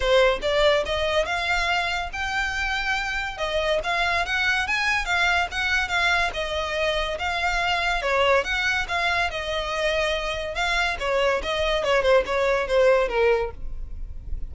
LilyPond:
\new Staff \with { instrumentName = "violin" } { \time 4/4 \tempo 4 = 142 c''4 d''4 dis''4 f''4~ | f''4 g''2. | dis''4 f''4 fis''4 gis''4 | f''4 fis''4 f''4 dis''4~ |
dis''4 f''2 cis''4 | fis''4 f''4 dis''2~ | dis''4 f''4 cis''4 dis''4 | cis''8 c''8 cis''4 c''4 ais'4 | }